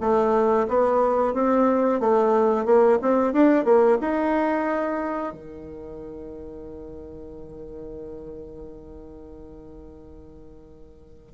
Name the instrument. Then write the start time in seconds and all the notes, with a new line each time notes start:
bassoon
0.00 A3
0.68 B3
1.33 C4
2.00 A3
2.65 A#3
3.02 C4
3.32 D4
3.64 A#3
4.01 D#4
5.32 D#3